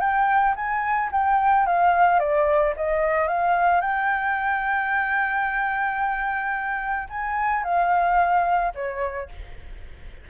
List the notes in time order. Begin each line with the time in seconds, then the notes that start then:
0.00 G5
0.56 G#5
1.12 G5
1.66 F5
2.19 D5
2.76 D#5
3.28 F5
3.81 G5
7.09 G#5
7.64 F5
8.75 C#5